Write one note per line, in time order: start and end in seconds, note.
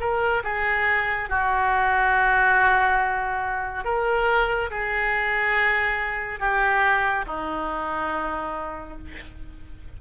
0.00 0.43 A#4
0.44 1.29 G#4
1.29 3.84 F#4
3.84 4.70 A#4
4.71 6.40 G#4
6.40 7.25 G4
7.26 8.98 D#4